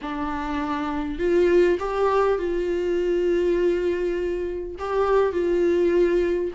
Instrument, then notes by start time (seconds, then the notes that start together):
viola
0.01 D4
1.18 F4
1.79 G4
2.38 F4
4.78 G4
5.32 F4